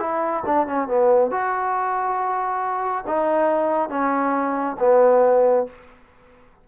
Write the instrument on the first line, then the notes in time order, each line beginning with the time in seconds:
trombone
0.00 E4
0.46 D4
0.67 C#4
0.88 B3
1.31 F#4
3.07 D#4
3.89 C#4
4.80 B3